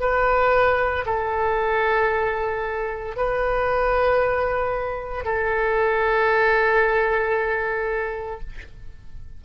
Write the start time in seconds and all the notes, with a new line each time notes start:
0.00 B4
1.06 A4
3.17 B4
5.25 A4